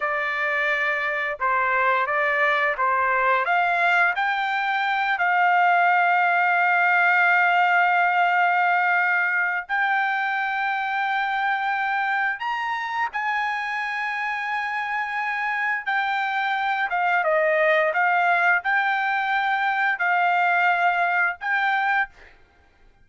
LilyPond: \new Staff \with { instrumentName = "trumpet" } { \time 4/4 \tempo 4 = 87 d''2 c''4 d''4 | c''4 f''4 g''4. f''8~ | f''1~ | f''2 g''2~ |
g''2 ais''4 gis''4~ | gis''2. g''4~ | g''8 f''8 dis''4 f''4 g''4~ | g''4 f''2 g''4 | }